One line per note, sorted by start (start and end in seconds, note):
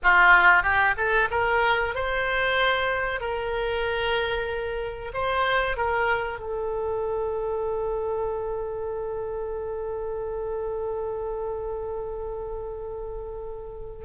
0.03 0.62 F4
0.62 0.94 G4
0.97 1.29 A4
1.31 1.94 A#4
1.94 3.20 C5
3.20 5.12 A#4
5.13 5.76 C5
5.76 6.39 A#4
6.39 14.04 A4